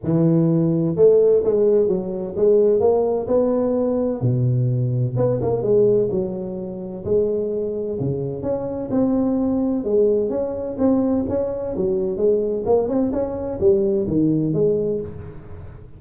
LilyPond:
\new Staff \with { instrumentName = "tuba" } { \time 4/4 \tempo 4 = 128 e2 a4 gis4 | fis4 gis4 ais4 b4~ | b4 b,2 b8 ais8 | gis4 fis2 gis4~ |
gis4 cis4 cis'4 c'4~ | c'4 gis4 cis'4 c'4 | cis'4 fis4 gis4 ais8 c'8 | cis'4 g4 dis4 gis4 | }